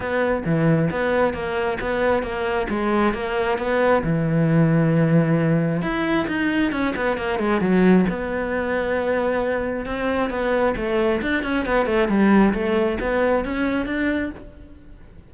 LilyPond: \new Staff \with { instrumentName = "cello" } { \time 4/4 \tempo 4 = 134 b4 e4 b4 ais4 | b4 ais4 gis4 ais4 | b4 e2.~ | e4 e'4 dis'4 cis'8 b8 |
ais8 gis8 fis4 b2~ | b2 c'4 b4 | a4 d'8 cis'8 b8 a8 g4 | a4 b4 cis'4 d'4 | }